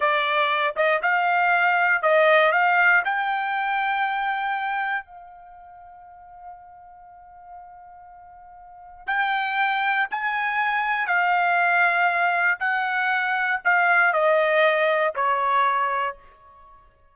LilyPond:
\new Staff \with { instrumentName = "trumpet" } { \time 4/4 \tempo 4 = 119 d''4. dis''8 f''2 | dis''4 f''4 g''2~ | g''2 f''2~ | f''1~ |
f''2 g''2 | gis''2 f''2~ | f''4 fis''2 f''4 | dis''2 cis''2 | }